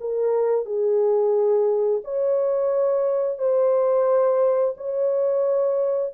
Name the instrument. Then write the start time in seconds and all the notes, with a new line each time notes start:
horn
0.00 A#4
0.65 G#4
2.05 C#5
3.38 C5
4.77 C#5